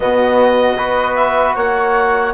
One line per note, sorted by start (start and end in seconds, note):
0.00 0.77 B2
0.00 0.77 B3
0.00 0.77 F#4
0.00 1.15 D#5
0.77 1.55 B3
0.77 2.33 F#4
0.77 1.55 B4
1.15 1.54 E5
1.55 2.33 A#3
1.55 2.33 C#5
1.55 2.34 F#5